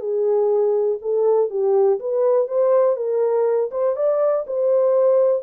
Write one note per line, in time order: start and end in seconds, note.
0.00 0.98 G#4
1.02 1.50 A4
1.50 1.99 G4
2.00 2.47 B4
2.47 2.96 C5
2.96 3.70 A#4
3.71 3.96 C5
3.96 4.45 D5
4.47 5.43 C5